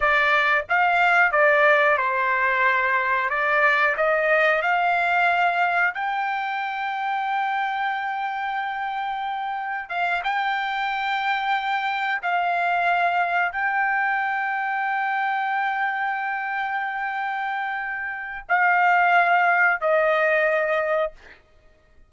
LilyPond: \new Staff \with { instrumentName = "trumpet" } { \time 4/4 \tempo 4 = 91 d''4 f''4 d''4 c''4~ | c''4 d''4 dis''4 f''4~ | f''4 g''2.~ | g''2. f''8 g''8~ |
g''2~ g''8 f''4.~ | f''8 g''2.~ g''8~ | g''1 | f''2 dis''2 | }